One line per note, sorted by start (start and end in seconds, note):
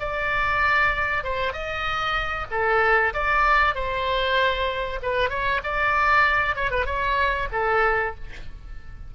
0.00 1.24 D5
1.24 1.53 C5
1.53 2.47 D#5
2.51 3.14 A4
3.14 3.75 D5
3.75 5.00 C5
5.03 5.30 B4
5.30 5.61 C#5
5.64 6.56 D5
6.56 6.71 C#5
6.71 6.86 B4
6.86 7.49 C#5
7.53 8.15 A4